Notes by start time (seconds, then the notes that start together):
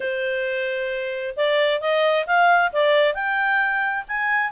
0.00 C5
1.36 D5
1.80 D#5
2.26 F5
2.72 D5
3.14 G5
4.08 G#5